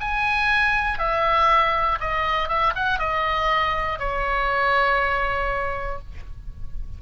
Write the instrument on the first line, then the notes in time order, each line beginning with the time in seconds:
oboe
0.00 G#5
0.99 E5
2.00 D#5
2.48 E5
2.75 F#5
2.99 D#5
3.99 C#5